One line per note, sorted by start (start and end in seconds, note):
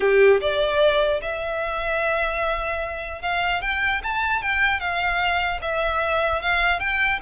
0.00 0.40 G4
0.41 1.21 D5
1.21 3.21 E5
3.21 3.61 F5
3.61 4.01 G5
4.03 4.42 A5
4.42 4.79 G5
4.79 5.59 F5
5.61 6.41 E5
6.41 6.79 F5
6.79 7.19 G5